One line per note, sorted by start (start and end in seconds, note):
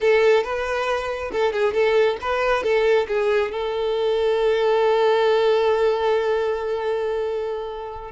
0.00 0.43 A4
0.43 1.31 B4
1.31 1.52 A4
1.52 1.73 G#4
1.73 2.17 A4
2.21 2.63 B4
2.63 3.07 A4
3.07 3.51 G#4
3.51 8.11 A4